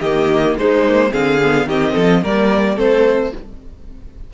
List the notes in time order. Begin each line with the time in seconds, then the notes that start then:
0.00 D#3 A#3 G4 D#5
0.57 G#3 D#4 C5
0.88 A#3
1.11 D3 C4 G#4 F5
1.44 B3
1.67 D#3 C4 G4 D#5
1.93 F3 A4
2.23 G3 A#3 A#4 D5
2.76 A3 C4 A4 C5